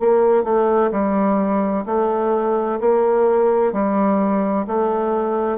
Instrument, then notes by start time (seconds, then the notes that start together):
bassoon
0.00 A#3
0.44 A3
0.91 G3
1.86 A3
2.80 A#3
3.72 G3
4.67 A3